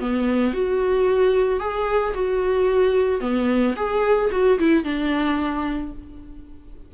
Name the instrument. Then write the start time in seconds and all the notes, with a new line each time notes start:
viola
0.00 B3
0.53 F#4
1.59 G#4
2.14 F#4
3.20 B3
3.76 G#4
4.31 F#4
4.59 E4
4.84 D4